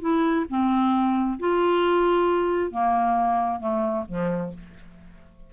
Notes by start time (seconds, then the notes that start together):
0.00 E4
0.49 C4
1.39 F4
2.70 A#3
3.59 A3
4.08 F3